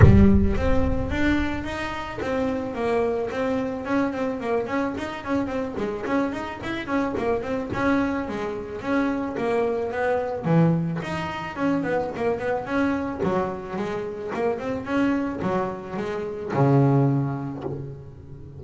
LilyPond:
\new Staff \with { instrumentName = "double bass" } { \time 4/4 \tempo 4 = 109 g4 c'4 d'4 dis'4 | c'4 ais4 c'4 cis'8 c'8 | ais8 cis'8 dis'8 cis'8 c'8 gis8 cis'8 dis'8 | e'8 cis'8 ais8 c'8 cis'4 gis4 |
cis'4 ais4 b4 e4 | dis'4 cis'8 b8 ais8 b8 cis'4 | fis4 gis4 ais8 c'8 cis'4 | fis4 gis4 cis2 | }